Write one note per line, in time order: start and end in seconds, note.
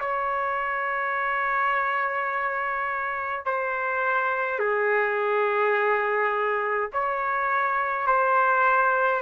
0.00 3.46 C#5
3.46 4.59 C5
4.59 6.90 G#4
6.93 8.07 C#5
8.07 9.22 C5